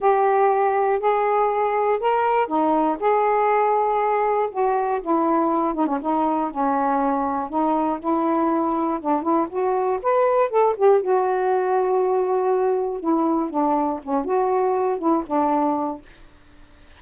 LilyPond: \new Staff \with { instrumentName = "saxophone" } { \time 4/4 \tempo 4 = 120 g'2 gis'2 | ais'4 dis'4 gis'2~ | gis'4 fis'4 e'4. dis'16 cis'16 | dis'4 cis'2 dis'4 |
e'2 d'8 e'8 fis'4 | b'4 a'8 g'8 fis'2~ | fis'2 e'4 d'4 | cis'8 fis'4. e'8 d'4. | }